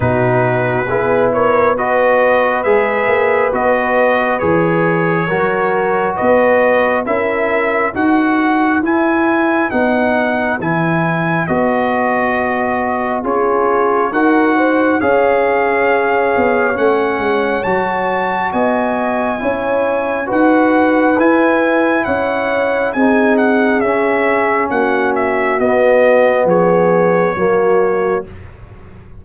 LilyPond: <<
  \new Staff \with { instrumentName = "trumpet" } { \time 4/4 \tempo 4 = 68 b'4. cis''8 dis''4 e''4 | dis''4 cis''2 dis''4 | e''4 fis''4 gis''4 fis''4 | gis''4 dis''2 cis''4 |
fis''4 f''2 fis''4 | a''4 gis''2 fis''4 | gis''4 fis''4 gis''8 fis''8 e''4 | fis''8 e''8 dis''4 cis''2 | }
  \new Staff \with { instrumentName = "horn" } { \time 4/4 fis'4 gis'8 ais'8 b'2~ | b'2 ais'4 b'4 | ais'4 b'2.~ | b'2. gis'4 |
ais'8 c''8 cis''2.~ | cis''4 dis''4 cis''4 b'4~ | b'4 cis''4 gis'2 | fis'2 gis'4 fis'4 | }
  \new Staff \with { instrumentName = "trombone" } { \time 4/4 dis'4 e'4 fis'4 gis'4 | fis'4 gis'4 fis'2 | e'4 fis'4 e'4 dis'4 | e'4 fis'2 f'4 |
fis'4 gis'2 cis'4 | fis'2 e'4 fis'4 | e'2 dis'4 cis'4~ | cis'4 b2 ais4 | }
  \new Staff \with { instrumentName = "tuba" } { \time 4/4 b,4 b2 gis8 ais8 | b4 e4 fis4 b4 | cis'4 dis'4 e'4 b4 | e4 b2 cis'4 |
dis'4 cis'4. b8 a8 gis8 | fis4 b4 cis'4 dis'4 | e'4 cis'4 c'4 cis'4 | ais4 b4 f4 fis4 | }
>>